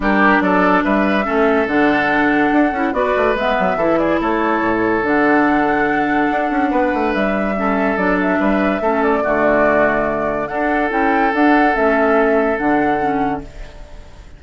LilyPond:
<<
  \new Staff \with { instrumentName = "flute" } { \time 4/4 \tempo 4 = 143 ais'4 d''4 e''2 | fis''2. d''4 | e''4. d''8 cis''2 | fis''1~ |
fis''4 e''2 d''8 e''8~ | e''4. d''2~ d''8~ | d''4 fis''4 g''4 fis''4 | e''2 fis''2 | }
  \new Staff \with { instrumentName = "oboe" } { \time 4/4 g'4 a'4 b'4 a'4~ | a'2. b'4~ | b'4 a'8 gis'8 a'2~ | a'1 |
b'2 a'2 | b'4 a'4 fis'2~ | fis'4 a'2.~ | a'1 | }
  \new Staff \with { instrumentName = "clarinet" } { \time 4/4 d'2. cis'4 | d'2~ d'8 e'8 fis'4 | b4 e'2. | d'1~ |
d'2 cis'4 d'4~ | d'4 cis'4 a2~ | a4 d'4 e'4 d'4 | cis'2 d'4 cis'4 | }
  \new Staff \with { instrumentName = "bassoon" } { \time 4/4 g4 fis4 g4 a4 | d2 d'8 cis'8 b8 a8 | gis8 fis8 e4 a4 a,4 | d2. d'8 cis'8 |
b8 a8 g2 fis4 | g4 a4 d2~ | d4 d'4 cis'4 d'4 | a2 d2 | }
>>